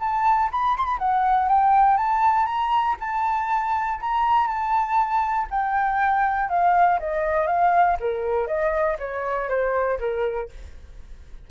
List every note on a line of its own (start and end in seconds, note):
0.00 0.50 A5
0.52 0.77 B5
0.77 0.86 C6
0.86 0.98 B5
0.99 1.49 F#5
1.49 1.97 G5
1.97 2.46 A5
2.46 2.96 A#5
3.00 4.00 A5
4.01 4.48 A#5
4.48 5.48 A5
5.51 6.50 G5
6.50 7.00 F5
7.00 7.47 D#5
7.47 7.97 F5
8.00 8.48 A#4
8.48 8.98 D#5
8.99 9.49 C#5
9.49 9.99 C5
10.00 10.50 A#4